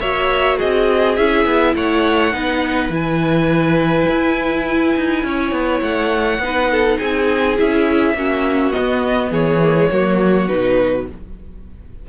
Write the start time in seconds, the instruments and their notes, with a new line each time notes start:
0.00 cello A#3, viola F#4, violin C#5 E5
0.57 cello C4, violin G#4 D#5
1.16 cello C#4, viola E4, violin E5
1.45 cello B3
1.75 cello A3, violin C#5 F#5
2.33 cello B3, viola D#4, violin B4
2.90 cello E3, viola E4, violin G#5
4.08 cello E4
4.96 cello D#4
5.24 cello C#4, violin C#5
5.52 cello B3
5.82 cello A3, violin F#5
6.39 cello B3, viola D#4, violin B4
6.71 violin A4
6.98 cello C4, violin G#4 G#5
7.57 cello C#4, viola E4, violin E5
8.14 cello A#3, viola C#4, violin F#4
8.72 viola B3, violin D#5
8.79 cello B3
9.31 cello E3, violin G#4 C#5
9.63 viola A#3
9.76 viola G#3
9.91 cello F#3, viola A#3, violin F#4
10.48 cello B2, viola D#4, violin B4